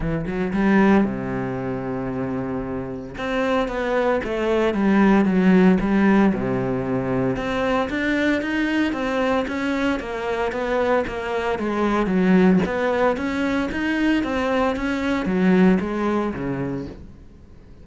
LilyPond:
\new Staff \with { instrumentName = "cello" } { \time 4/4 \tempo 4 = 114 e8 fis8 g4 c2~ | c2 c'4 b4 | a4 g4 fis4 g4 | c2 c'4 d'4 |
dis'4 c'4 cis'4 ais4 | b4 ais4 gis4 fis4 | b4 cis'4 dis'4 c'4 | cis'4 fis4 gis4 cis4 | }